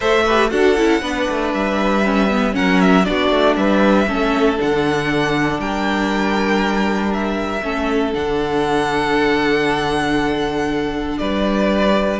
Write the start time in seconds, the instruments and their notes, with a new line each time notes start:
0.00 cello A3, viola A4, violin C5 E5
0.25 viola G4, violin B4
0.49 cello D4, viola F#4, violin A4 F#5
0.77 cello C#4, viola E4
1.01 cello B3, viola D4, violin B4
1.29 cello A3
1.53 cello G3, violin E5
2.03 viola C#4
2.29 viola B3
2.52 cello F#3, viola C#4, violin A#4 F#5
2.80 violin E5
3.04 cello B3, viola D4, violin F#4 D5
3.30 cello A3
3.56 cello G3, violin B4 E5
4.07 cello A3, viola C#4, violin A4
4.56 cello D3, viola D4, violin F#5
5.58 cello G3, violin A#4 G5
7.13 violin E5
7.62 cello A3, viola C#4, violin A4
8.13 cello D3, viola D4, violin F#5
11.18 cello G3, violin B4 D5